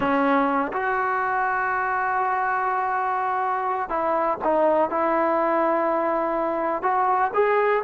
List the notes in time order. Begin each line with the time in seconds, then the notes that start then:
0.00 C#4
0.72 F#4
3.89 E4
4.44 D#4
4.89 E4
6.82 F#4
7.34 G#4